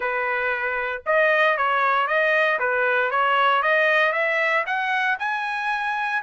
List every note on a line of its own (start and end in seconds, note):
0.00 1.02 B4
1.06 1.57 D#5
1.57 2.07 C#5
2.07 2.58 D#5
2.59 3.10 B4
3.10 3.62 C#5
3.62 4.12 D#5
4.12 4.64 E5
4.66 5.18 F#5
5.19 6.22 G#5